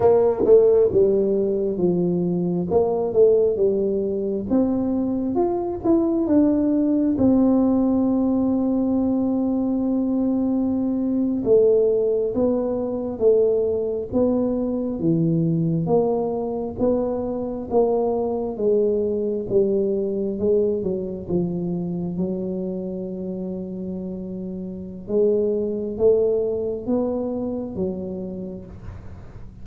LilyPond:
\new Staff \with { instrumentName = "tuba" } { \time 4/4 \tempo 4 = 67 ais8 a8 g4 f4 ais8 a8 | g4 c'4 f'8 e'8 d'4 | c'1~ | c'8. a4 b4 a4 b16~ |
b8. e4 ais4 b4 ais16~ | ais8. gis4 g4 gis8 fis8 f16~ | f8. fis2.~ fis16 | gis4 a4 b4 fis4 | }